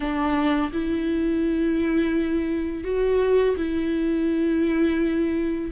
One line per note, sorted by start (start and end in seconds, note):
0.00 0.71 D4
0.72 2.84 E4
2.84 3.55 F#4
3.56 5.71 E4